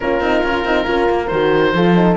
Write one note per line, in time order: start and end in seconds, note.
0.00 0.20 A#3
0.00 0.22 C#4
0.00 0.88 F4
0.00 1.27 A#4
0.20 0.42 C4
0.20 0.44 D#4
0.43 0.64 C#4
0.43 0.66 F4
0.64 0.86 C4
0.64 0.83 D#4
0.83 1.09 C#4
0.83 1.27 F4
0.83 1.75 A#4
1.09 1.31 A#3
1.27 1.73 D#3
1.27 1.75 F#4
1.27 2.14 C5
1.73 2.16 F3
1.73 1.95 F4
1.73 2.17 A4
1.95 2.16 D#4